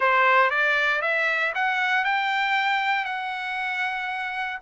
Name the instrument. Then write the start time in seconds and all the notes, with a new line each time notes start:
trumpet
0.00 C5
0.50 D5
1.01 E5
1.54 F#5
2.04 G5
3.05 F#5